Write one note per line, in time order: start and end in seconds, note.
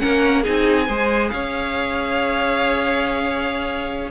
0.00 0.47 A#3
0.00 0.44 C#4
0.00 0.43 A#4
0.00 0.43 F#5
0.43 0.89 C4
0.43 0.88 D#4
0.43 0.86 G#4
0.43 1.30 G#5
0.87 1.32 G#3
0.87 4.11 G#4
0.87 1.31 C5
1.30 4.11 C#4
1.30 4.11 C#5
1.30 4.10 F5